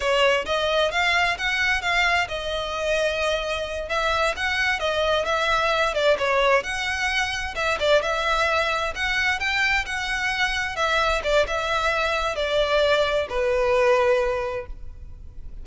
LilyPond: \new Staff \with { instrumentName = "violin" } { \time 4/4 \tempo 4 = 131 cis''4 dis''4 f''4 fis''4 | f''4 dis''2.~ | dis''8 e''4 fis''4 dis''4 e''8~ | e''4 d''8 cis''4 fis''4.~ |
fis''8 e''8 d''8 e''2 fis''8~ | fis''8 g''4 fis''2 e''8~ | e''8 d''8 e''2 d''4~ | d''4 b'2. | }